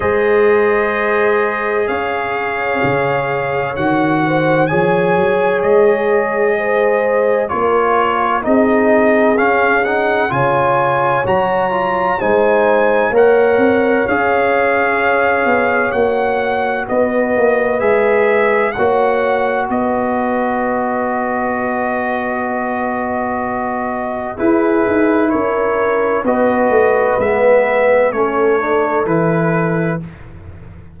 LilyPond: <<
  \new Staff \with { instrumentName = "trumpet" } { \time 4/4 \tempo 4 = 64 dis''2 f''2 | fis''4 gis''4 dis''2 | cis''4 dis''4 f''8 fis''8 gis''4 | ais''4 gis''4 fis''4 f''4~ |
f''4 fis''4 dis''4 e''4 | fis''4 dis''2.~ | dis''2 b'4 cis''4 | dis''4 e''4 cis''4 b'4 | }
  \new Staff \with { instrumentName = "horn" } { \time 4/4 c''2 cis''2~ | cis''8 c''8 cis''2 c''4 | ais'4 gis'2 cis''4~ | cis''4 c''4 cis''2~ |
cis''2 b'2 | cis''4 b'2.~ | b'2 gis'4 ais'4 | b'2 a'2 | }
  \new Staff \with { instrumentName = "trombone" } { \time 4/4 gis'1 | fis'4 gis'2. | f'4 dis'4 cis'8 dis'8 f'4 | fis'8 f'8 dis'4 ais'4 gis'4~ |
gis'4 fis'2 gis'4 | fis'1~ | fis'2 e'2 | fis'4 b4 cis'8 d'8 e'4 | }
  \new Staff \with { instrumentName = "tuba" } { \time 4/4 gis2 cis'4 cis4 | dis4 f8 fis8 gis2 | ais4 c'4 cis'4 cis4 | fis4 gis4 ais8 c'8 cis'4~ |
cis'8 b8 ais4 b8 ais8 gis4 | ais4 b2.~ | b2 e'8 dis'8 cis'4 | b8 a8 gis4 a4 e4 | }
>>